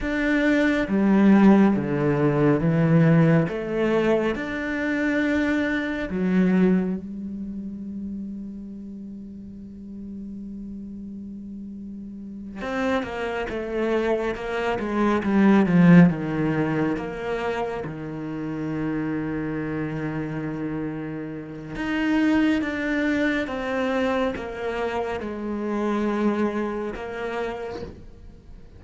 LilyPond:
\new Staff \with { instrumentName = "cello" } { \time 4/4 \tempo 4 = 69 d'4 g4 d4 e4 | a4 d'2 fis4 | g1~ | g2~ g8 c'8 ais8 a8~ |
a8 ais8 gis8 g8 f8 dis4 ais8~ | ais8 dis2.~ dis8~ | dis4 dis'4 d'4 c'4 | ais4 gis2 ais4 | }